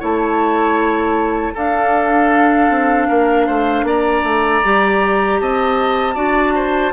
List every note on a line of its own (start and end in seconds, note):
0.00 1.55 A3
0.00 1.54 E4
0.00 1.54 C#5
0.00 1.57 A5
1.54 4.62 D4
1.54 2.70 D4
1.54 3.08 A4
1.54 3.87 F5
2.70 3.08 C4
3.08 3.49 A#3
3.08 3.47 A#4
3.47 3.83 A3
3.47 3.85 C5
3.83 4.22 A#3
3.83 5.41 D5
3.83 5.40 A#5
4.24 4.62 A3
4.64 5.41 G3
4.64 6.15 G4
5.40 6.16 C4
5.40 6.15 D#5
5.40 6.93 A5
6.15 6.93 D4
6.15 6.92 F#4
6.15 6.54 D5
6.56 6.93 C5